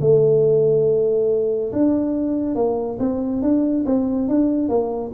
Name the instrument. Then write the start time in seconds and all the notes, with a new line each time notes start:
tuba
0.00 A3
1.72 D4
2.55 A#3
2.99 C4
3.42 D4
3.85 C4
4.28 D4
4.69 A#3